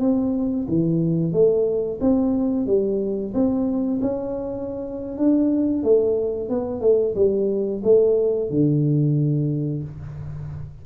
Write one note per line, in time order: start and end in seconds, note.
0.00 0.67 C4
0.68 1.33 E3
1.33 1.99 A3
2.01 2.67 C4
2.67 3.34 G3
3.34 4.01 C4
4.02 5.18 C#4
5.18 5.84 D4
5.84 6.50 A3
6.50 6.82 B3
6.82 7.15 A3
7.16 7.82 G3
7.84 8.50 A3
8.50 9.84 D3